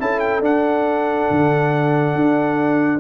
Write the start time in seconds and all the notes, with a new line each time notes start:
0.00 C#4 E4 A4 A5
0.20 G5
0.41 D4 F#5
1.31 D3
2.16 D4